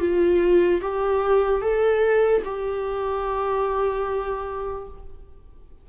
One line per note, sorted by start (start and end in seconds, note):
0.00 0.81 F4
0.81 1.61 G4
1.61 2.43 A4
2.45 4.88 G4